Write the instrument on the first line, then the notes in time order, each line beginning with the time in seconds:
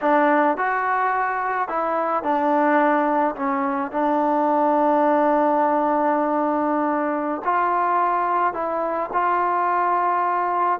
trombone
0.01 D4
0.57 F#4
1.68 E4
2.23 D4
3.35 C#4
3.91 D4
7.44 F4
8.53 E4
9.12 F4